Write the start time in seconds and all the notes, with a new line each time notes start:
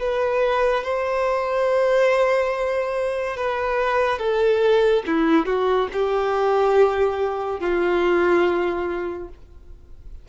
0.00 B4
0.84 C5
3.37 B4
4.19 A4
5.07 E4
5.46 F#4
5.93 G4
7.60 F4